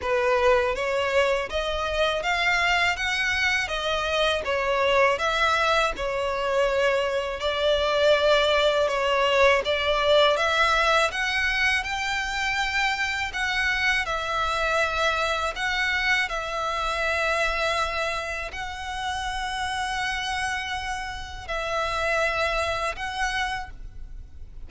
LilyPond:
\new Staff \with { instrumentName = "violin" } { \time 4/4 \tempo 4 = 81 b'4 cis''4 dis''4 f''4 | fis''4 dis''4 cis''4 e''4 | cis''2 d''2 | cis''4 d''4 e''4 fis''4 |
g''2 fis''4 e''4~ | e''4 fis''4 e''2~ | e''4 fis''2.~ | fis''4 e''2 fis''4 | }